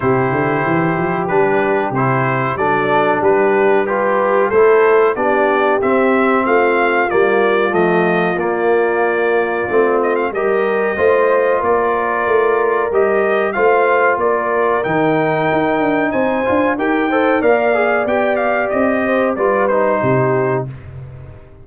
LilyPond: <<
  \new Staff \with { instrumentName = "trumpet" } { \time 4/4 \tempo 4 = 93 c''2 b'4 c''4 | d''4 b'4 g'4 c''4 | d''4 e''4 f''4 d''4 | dis''4 d''2~ d''8 dis''16 f''16 |
dis''2 d''2 | dis''4 f''4 d''4 g''4~ | g''4 gis''4 g''4 f''4 | g''8 f''8 dis''4 d''8 c''4. | }
  \new Staff \with { instrumentName = "horn" } { \time 4/4 g'1 | a'4 g'4 b'4 a'4 | g'2 f'2~ | f'1 |
ais'4 c''4 ais'2~ | ais'4 c''4 ais'2~ | ais'4 c''4 ais'8 c''8 d''4~ | d''4. c''8 b'4 g'4 | }
  \new Staff \with { instrumentName = "trombone" } { \time 4/4 e'2 d'4 e'4 | d'2 f'4 e'4 | d'4 c'2 ais4 | a4 ais2 c'4 |
g'4 f'2. | g'4 f'2 dis'4~ | dis'4. f'8 g'8 a'8 ais'8 gis'8 | g'2 f'8 dis'4. | }
  \new Staff \with { instrumentName = "tuba" } { \time 4/4 c8 d8 e8 f8 g4 c4 | fis4 g2 a4 | b4 c'4 a4 g4 | f4 ais2 a4 |
g4 a4 ais4 a4 | g4 a4 ais4 dis4 | dis'8 d'8 c'8 d'8 dis'4 ais4 | b4 c'4 g4 c4 | }
>>